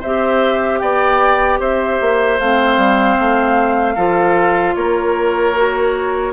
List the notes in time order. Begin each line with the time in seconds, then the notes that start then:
0.00 C4 G4 C5 E5
0.79 B3 D5 G5
1.59 C4 C5 E5
2.00 A#3
2.39 A3 C4 F5
2.77 G3
3.19 A3
3.95 F3 F4 A4
4.75 A#3 A#4 C#5
5.56 F#4